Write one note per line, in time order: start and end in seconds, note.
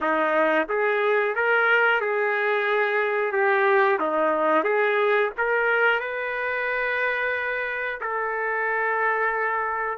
0.01 0.67 D#4
0.68 1.35 G#4
1.35 2.01 A#4
2.01 3.32 G#4
3.32 3.99 G4
3.99 4.63 D#4
4.63 5.30 G#4
5.37 6.00 A#4
6.00 8.00 B4
8.00 9.98 A4